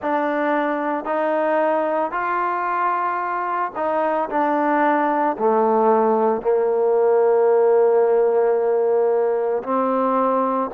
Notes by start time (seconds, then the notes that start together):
0.02 D4
1.04 D#4
2.11 F4
3.75 D#4
4.29 D4
5.38 A3
6.41 A#3
9.63 C4